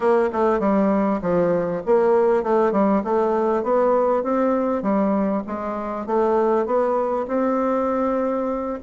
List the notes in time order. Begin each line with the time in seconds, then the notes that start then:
0.00 A#3
0.32 A3
0.59 G3
1.21 F3
1.86 A#3
2.43 A3
2.72 G3
3.03 A3
3.63 B3
4.23 C4
4.82 G3
5.46 G#3
6.06 A3
6.66 B3
7.27 C4